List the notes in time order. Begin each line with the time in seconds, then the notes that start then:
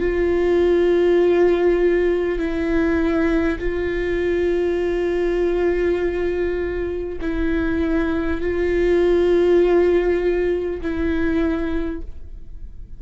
0.00 F4
2.39 E4
3.59 F4
7.21 E4
8.41 F4
10.82 E4